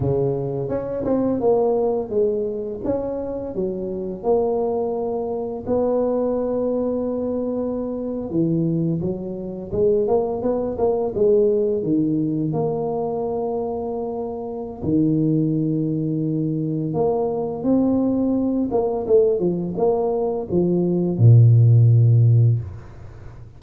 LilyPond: \new Staff \with { instrumentName = "tuba" } { \time 4/4 \tempo 4 = 85 cis4 cis'8 c'8 ais4 gis4 | cis'4 fis4 ais2 | b2.~ b8. e16~ | e8. fis4 gis8 ais8 b8 ais8 gis16~ |
gis8. dis4 ais2~ ais16~ | ais4 dis2. | ais4 c'4. ais8 a8 f8 | ais4 f4 ais,2 | }